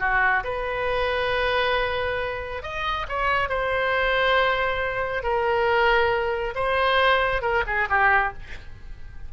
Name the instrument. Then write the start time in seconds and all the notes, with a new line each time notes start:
oboe
0.00 F#4
0.44 B4
2.63 D#5
3.09 C#5
3.50 C5
5.23 A#4
6.55 C5
7.42 A#4
7.67 G#4
7.90 G4